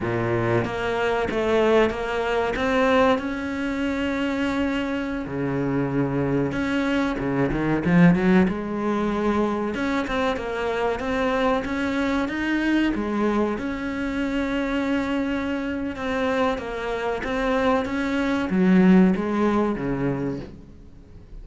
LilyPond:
\new Staff \with { instrumentName = "cello" } { \time 4/4 \tempo 4 = 94 ais,4 ais4 a4 ais4 | c'4 cis'2.~ | cis'16 cis2 cis'4 cis8 dis16~ | dis16 f8 fis8 gis2 cis'8 c'16~ |
c'16 ais4 c'4 cis'4 dis'8.~ | dis'16 gis4 cis'2~ cis'8.~ | cis'4 c'4 ais4 c'4 | cis'4 fis4 gis4 cis4 | }